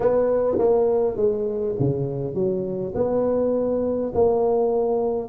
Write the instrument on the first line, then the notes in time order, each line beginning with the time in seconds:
tuba
0.00 B3
0.58 A#3
1.16 G#3
1.79 C#3
2.34 F#3
2.94 B3
4.14 A#3